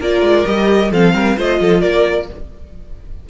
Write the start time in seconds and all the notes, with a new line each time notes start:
0.00 A#3 F4 A#4 D5
0.22 G#3
0.46 G3 G4 D#5
0.91 F3 C4 A4 F5
1.14 G3 A#4
1.37 A3 F4 C5 D#5
1.60 F3 A4
1.81 A#3 A#4 D5